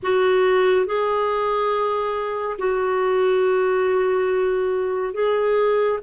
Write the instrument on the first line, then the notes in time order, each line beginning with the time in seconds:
clarinet
0.02 F#4
0.86 G#4
2.58 F#4
5.13 G#4